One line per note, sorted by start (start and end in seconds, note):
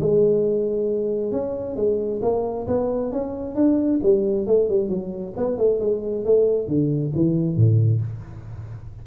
0.00 1.32 G#3
1.32 1.76 C#4
1.76 2.21 G#3
2.22 2.67 A#3
2.67 3.12 B3
3.12 3.55 C#4
3.55 4.00 D4
4.03 4.47 G3
4.47 4.69 A3
4.69 4.89 G3
4.89 5.33 F#3
5.37 5.58 B3
5.58 5.80 A3
5.80 6.25 G#3
6.25 6.68 A3
6.68 7.12 D3
7.15 7.57 E3
7.57 8.01 A2